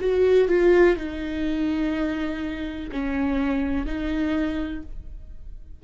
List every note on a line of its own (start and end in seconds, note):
0.00 0.48 F#4
0.48 0.97 F4
0.97 2.90 D#4
2.92 3.86 C#4
3.86 4.83 D#4